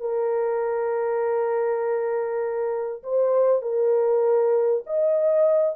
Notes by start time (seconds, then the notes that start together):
0.00 A#4
3.03 C5
3.62 A#4
4.87 D#5